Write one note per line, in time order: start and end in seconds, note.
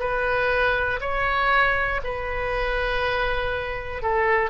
0.00 1.00 B4
1.01 2.01 C#5
2.04 4.02 B4
4.02 4.50 A4